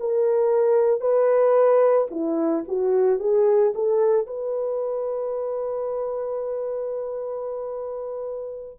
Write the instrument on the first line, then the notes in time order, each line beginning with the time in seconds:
horn
0.00 A#4
1.01 B4
2.11 E4
2.68 F#4
3.20 G#4
3.75 A4
4.27 B4